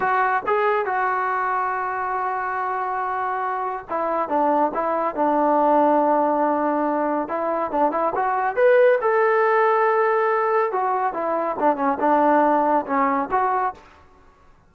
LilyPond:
\new Staff \with { instrumentName = "trombone" } { \time 4/4 \tempo 4 = 140 fis'4 gis'4 fis'2~ | fis'1~ | fis'4 e'4 d'4 e'4 | d'1~ |
d'4 e'4 d'8 e'8 fis'4 | b'4 a'2.~ | a'4 fis'4 e'4 d'8 cis'8 | d'2 cis'4 fis'4 | }